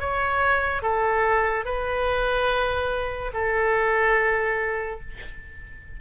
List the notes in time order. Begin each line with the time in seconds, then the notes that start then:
0.00 C#5
0.82 A4
1.65 B4
3.33 A4